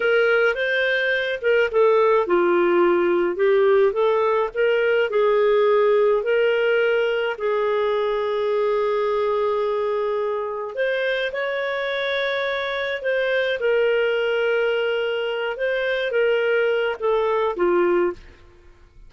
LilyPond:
\new Staff \with { instrumentName = "clarinet" } { \time 4/4 \tempo 4 = 106 ais'4 c''4. ais'8 a'4 | f'2 g'4 a'4 | ais'4 gis'2 ais'4~ | ais'4 gis'2.~ |
gis'2. c''4 | cis''2. c''4 | ais'2.~ ais'8 c''8~ | c''8 ais'4. a'4 f'4 | }